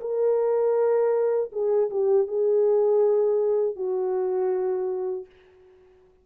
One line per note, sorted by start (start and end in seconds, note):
0.00 1.50 A#4
1.52 1.90 G#4
1.90 2.27 G4
2.27 3.76 G#4
3.76 5.26 F#4